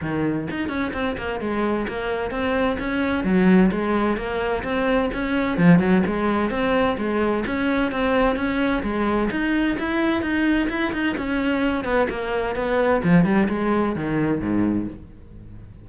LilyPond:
\new Staff \with { instrumentName = "cello" } { \time 4/4 \tempo 4 = 129 dis4 dis'8 cis'8 c'8 ais8 gis4 | ais4 c'4 cis'4 fis4 | gis4 ais4 c'4 cis'4 | f8 fis8 gis4 c'4 gis4 |
cis'4 c'4 cis'4 gis4 | dis'4 e'4 dis'4 e'8 dis'8 | cis'4. b8 ais4 b4 | f8 g8 gis4 dis4 gis,4 | }